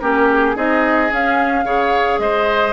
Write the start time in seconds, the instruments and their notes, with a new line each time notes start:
0.00 bassoon A#3, clarinet C#4, oboe G4, flute A#4
0.30 flute G#4
0.56 bassoon C4, clarinet D#4, oboe G#4, flute D#5
1.10 clarinet C#4, bassoon C#4, flute F5
1.65 bassoon C#3, clarinet G#4, oboe C#5
2.19 bassoon G#3, oboe C5, flute D#5